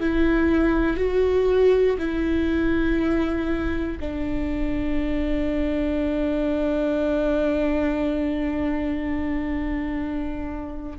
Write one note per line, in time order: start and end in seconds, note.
0.00 0.97 E4
0.97 1.97 F#4
1.99 3.99 E4
4.00 10.99 D4